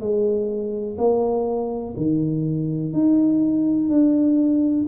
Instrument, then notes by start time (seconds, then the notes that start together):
tuba
0.00 G#3
0.98 A#3
1.96 D#3
2.93 D#4
3.89 D4